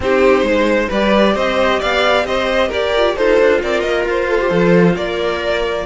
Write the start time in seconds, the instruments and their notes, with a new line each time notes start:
0.00 cello C4, viola D#4, violin G4 C5
0.42 cello G#3, violin C5
0.88 cello G3, viola G4, violin B4 D5
1.34 cello C4, violin C5 D#5
1.79 cello B3, violin D5 F5
2.25 cello C4, violin C5 D#5
2.68 cello G4, violin A#4 D5
2.95 viola F4
3.16 cello D#4, violin F4 C5, viola A4
3.39 cello D4
3.62 cello C4, viola A#4, violin D5
3.80 cello A#3, violin D#5
4.05 cello F4, violin C5
4.28 viola A4
4.41 viola G4
4.49 cello F3, viola A4
4.96 cello A#3, viola A#4, violin D5